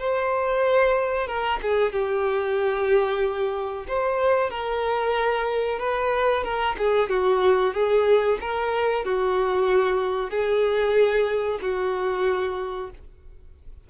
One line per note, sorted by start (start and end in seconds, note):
0.00 1.28 C5
1.28 1.60 A#4
1.63 1.93 G#4
1.93 3.86 G4
3.88 4.51 C5
4.51 5.79 A#4
5.79 6.44 B4
6.44 6.76 A#4
6.79 7.10 G#4
7.10 7.74 F#4
7.74 8.39 G#4
8.41 9.05 A#4
9.05 10.31 F#4
10.31 11.60 G#4
11.62 12.91 F#4